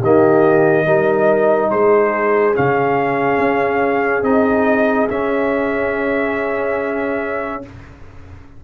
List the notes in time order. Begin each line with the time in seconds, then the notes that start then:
0.00 D#3 A#3 G4 D#5
0.85 G3 D#4 A#4
1.70 G#3 G#4 C5
2.54 C#3 C#4 F5
3.38 C#4
4.22 C4 D#4 D#5
5.09 C#4 E5